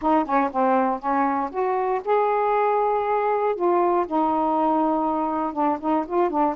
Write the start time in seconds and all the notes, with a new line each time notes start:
0.01 D#4
0.25 C#4
0.51 C4
0.99 C#4
1.50 F#4
2.04 G#4
3.55 F4
4.06 D#4
5.52 D4
5.80 D#4
6.06 F4
6.30 D4